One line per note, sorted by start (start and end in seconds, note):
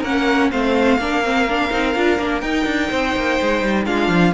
0.00 0.51 A#3
0.00 0.51 C#4
0.00 0.48 A#4
0.00 0.51 F#5
0.51 0.98 A3
0.51 0.99 C4
0.51 1.00 C5
0.51 2.40 F5
0.98 1.70 A#3
0.98 1.24 D4
0.98 2.90 A#4
1.24 1.48 C4
1.49 1.71 D4
1.71 1.95 C4
1.71 1.95 D#4
1.95 2.19 D4
1.95 2.19 F4
2.19 2.42 A#3
2.19 2.43 D4
2.40 2.66 D#4
2.40 3.86 D#4
2.40 3.84 G5
2.66 2.90 D4
2.90 3.16 C4
2.90 3.86 C5
3.16 3.40 A#3
3.41 3.62 G#3
3.62 3.86 G3
3.86 4.08 G#3
3.86 4.34 D4
3.86 4.34 F4
3.86 4.34 F5
4.08 4.32 F3